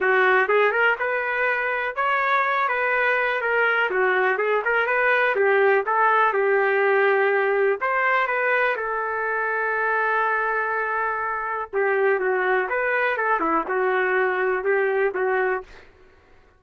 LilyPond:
\new Staff \with { instrumentName = "trumpet" } { \time 4/4 \tempo 4 = 123 fis'4 gis'8 ais'8 b'2 | cis''4. b'4. ais'4 | fis'4 gis'8 ais'8 b'4 g'4 | a'4 g'2. |
c''4 b'4 a'2~ | a'1 | g'4 fis'4 b'4 a'8 e'8 | fis'2 g'4 fis'4 | }